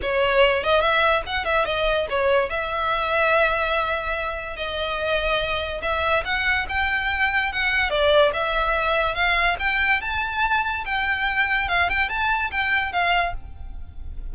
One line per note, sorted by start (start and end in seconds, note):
0.02 0.63 C#5
0.63 0.80 D#5
0.80 1.22 E5
1.26 1.45 F#5
1.45 1.65 E5
1.65 2.06 D#5
2.09 2.49 C#5
2.49 4.56 E5
4.56 5.81 D#5
5.81 6.23 E5
6.24 6.66 F#5
6.69 7.52 G5
7.52 7.90 F#5
7.90 8.31 D5
8.33 9.14 E5
9.14 9.56 F5
9.59 10.01 G5
10.01 10.84 A5
10.85 11.68 G5
11.68 11.89 F5
11.89 12.09 G5
12.09 12.51 A5
12.51 12.92 G5
12.92 13.34 F5